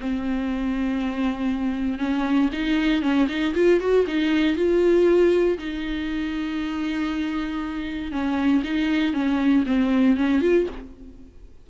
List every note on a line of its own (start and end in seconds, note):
0.00 1.99 C4
1.99 2.49 C#4
2.53 3.02 D#4
3.02 3.27 C#4
3.29 3.54 D#4
3.55 3.80 F4
3.80 4.05 F#4
4.07 4.56 D#4
4.56 5.58 F4
5.58 8.11 D#4
8.11 8.62 C#4
8.64 9.13 D#4
9.13 9.64 C#4
9.66 10.17 C4
10.17 10.41 C#4
10.41 10.67 F4